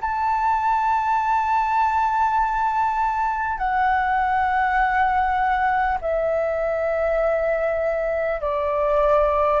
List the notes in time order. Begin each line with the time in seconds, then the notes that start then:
0.00 A5
3.58 F#5
6.01 E5
8.40 D5